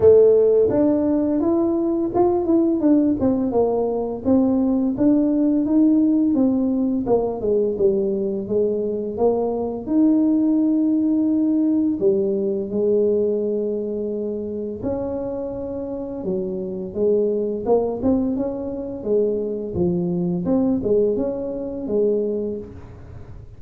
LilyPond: \new Staff \with { instrumentName = "tuba" } { \time 4/4 \tempo 4 = 85 a4 d'4 e'4 f'8 e'8 | d'8 c'8 ais4 c'4 d'4 | dis'4 c'4 ais8 gis8 g4 | gis4 ais4 dis'2~ |
dis'4 g4 gis2~ | gis4 cis'2 fis4 | gis4 ais8 c'8 cis'4 gis4 | f4 c'8 gis8 cis'4 gis4 | }